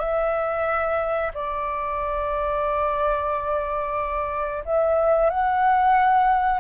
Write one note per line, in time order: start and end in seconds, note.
0.00 1.32 E5
1.34 4.64 D5
4.65 5.30 E5
5.30 6.60 F#5